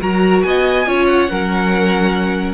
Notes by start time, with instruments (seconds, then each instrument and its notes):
0.00 cello F#3, viola F#4, violin A#4 A#5
0.42 cello B3, violin D#5 G#5
0.86 cello C#4, viola F4, violin C#5
1.06 violin F#5
1.29 cello F#3, viola C#4, violin A#4